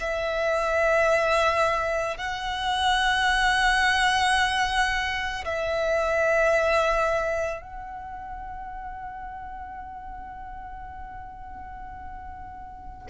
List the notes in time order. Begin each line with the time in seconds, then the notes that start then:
0.00 E5
2.17 F#5
5.44 E5
7.62 F#5